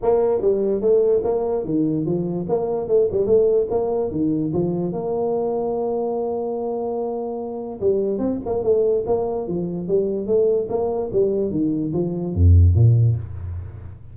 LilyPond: \new Staff \with { instrumentName = "tuba" } { \time 4/4 \tempo 4 = 146 ais4 g4 a4 ais4 | dis4 f4 ais4 a8 g8 | a4 ais4 dis4 f4 | ais1~ |
ais2. g4 | c'8 ais8 a4 ais4 f4 | g4 a4 ais4 g4 | dis4 f4 f,4 ais,4 | }